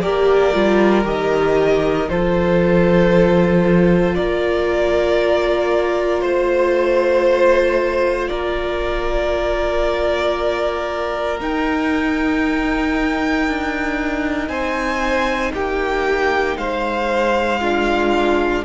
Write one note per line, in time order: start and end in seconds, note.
0.00 0.54 A#3
0.00 0.53 G4
0.00 2.09 A#4
0.00 1.03 D5
0.53 1.05 G3
0.53 1.04 F4
1.04 2.08 D#3
1.04 2.08 G4
1.04 2.09 D#5
2.08 4.16 F3
2.08 11.39 F4
2.08 4.16 A4
2.08 4.14 C5
4.14 6.22 A#3
4.14 6.22 A#4
4.14 6.21 D5
6.21 8.29 A3
6.21 8.28 C5
6.21 8.29 C5
8.28 11.40 A#3
8.28 14.48 A#4
8.28 11.38 D5
11.40 13.47 D#4
11.40 17.61 D#4
11.40 14.48 G5
13.47 14.48 D4
14.48 15.52 C4
14.48 15.52 C5
14.48 15.51 G#5
15.53 16.57 A#3
15.53 16.56 G4
15.53 16.57 G5
16.57 18.64 G#3
16.57 17.60 C5
16.57 18.64 F5
17.60 18.64 D4
17.60 18.63 F4